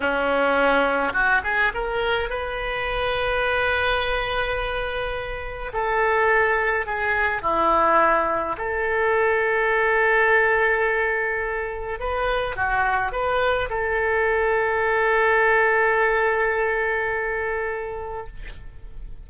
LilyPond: \new Staff \with { instrumentName = "oboe" } { \time 4/4 \tempo 4 = 105 cis'2 fis'8 gis'8 ais'4 | b'1~ | b'2 a'2 | gis'4 e'2 a'4~ |
a'1~ | a'4 b'4 fis'4 b'4 | a'1~ | a'1 | }